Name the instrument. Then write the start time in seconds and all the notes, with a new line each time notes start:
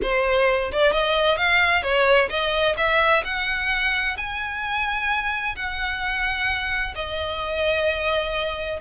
violin
0.02 C5
0.72 D5
0.92 D#5
1.37 F5
1.83 C#5
2.29 D#5
2.77 E5
3.24 F#5
4.17 G#5
5.56 F#5
6.95 D#5